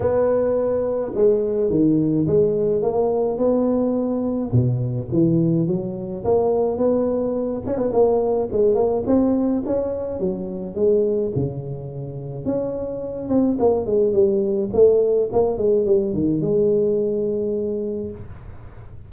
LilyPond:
\new Staff \with { instrumentName = "tuba" } { \time 4/4 \tempo 4 = 106 b2 gis4 dis4 | gis4 ais4 b2 | b,4 e4 fis4 ais4 | b4. cis'16 b16 ais4 gis8 ais8 |
c'4 cis'4 fis4 gis4 | cis2 cis'4. c'8 | ais8 gis8 g4 a4 ais8 gis8 | g8 dis8 gis2. | }